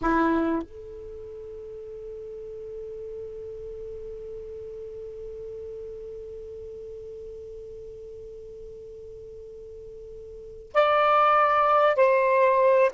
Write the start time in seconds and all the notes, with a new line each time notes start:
0.01 E4
0.62 A4
10.74 D5
11.95 C5